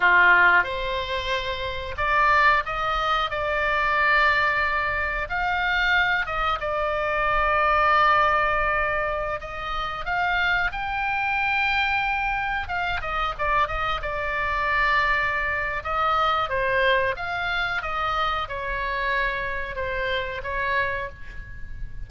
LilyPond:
\new Staff \with { instrumentName = "oboe" } { \time 4/4 \tempo 4 = 91 f'4 c''2 d''4 | dis''4 d''2. | f''4. dis''8 d''2~ | d''2~ d''16 dis''4 f''8.~ |
f''16 g''2. f''8 dis''16~ | dis''16 d''8 dis''8 d''2~ d''8. | dis''4 c''4 f''4 dis''4 | cis''2 c''4 cis''4 | }